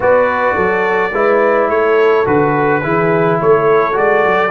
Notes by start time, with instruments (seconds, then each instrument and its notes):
0.00 tuba B3, trombone F#4, horn B4, trumpet D5
0.55 tuba F#3, horn A4
1.12 tuba G#3, trombone E4, horn B4
1.69 tuba A3, horn A4, trumpet C#5
2.25 tuba D3, trombone F#4, trumpet B4
2.83 tuba E3, trombone E4, horn G#4
3.40 tuba A3, horn A4, trumpet C#5
3.92 tuba G#3, trombone F#4, trumpet D5
4.25 tuba F#3